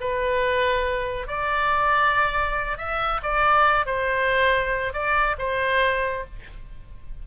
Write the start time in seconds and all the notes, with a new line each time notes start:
0.00 B4
1.27 D5
2.77 E5
3.23 D5
3.86 C5
4.93 D5
5.38 C5